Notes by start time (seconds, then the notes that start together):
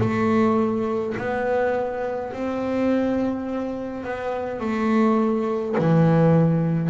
0.00 A3
1.17 B3
2.33 C4
4.04 B3
4.60 A3
5.78 E3